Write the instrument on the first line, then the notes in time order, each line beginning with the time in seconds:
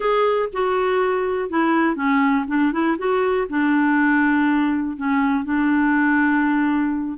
clarinet
0.00 G#4
0.52 F#4
1.49 E4
1.95 C#4
2.47 D4
2.72 E4
2.98 F#4
3.49 D4
4.97 C#4
5.44 D4